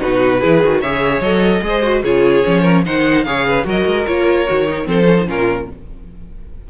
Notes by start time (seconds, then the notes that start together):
0.00 B2 D#4 F#4 B4
0.40 E3 E4 G#4
0.64 D#3 F#4
0.81 C#3 G#4 C#5 E5
1.20 F#3 A4 D#5
1.62 G#3 G#4 C5
1.83 F#4
2.03 C#3 F4 G#4 C#5
2.44 F3 C#4
2.62 A#4
2.85 D#3 D#4 C5 F#5
3.24 C#3 G#4 C#5 F5
3.47 B4
3.64 F#3 F#4 A#4 D#5
3.86 G#3
4.06 A#3 F4 C#5
4.47 D#3 F#4
4.68 D#4
4.84 F3 C4 A4 C5
5.06 C#4
5.17 D#4
5.27 A#2 C#4 F4 A#4